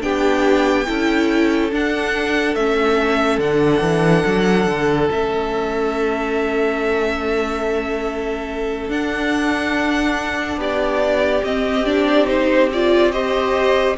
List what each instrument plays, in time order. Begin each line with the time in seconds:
0.00 cello B3, viola D4, violin G4 G5
0.86 cello C#4, viola E4, violin A4
1.71 viola D4, cello D4, violin F#5
2.54 cello A3, viola C#4, violin E5
3.38 cello D3, viola D4, violin F#5
3.81 cello E3
4.26 cello F#3
4.67 cello D3
5.09 cello A3, viola C#4, violin E5
8.88 cello D4, viola D4, violin F#5
10.57 cello B3, violin G4 D5
11.43 cello C4, viola C4, violin D#5
11.85 viola D4, violin D5
12.25 viola D#4, violin C5
12.73 viola F4, violin D5
13.12 viola G4, violin C5 D#5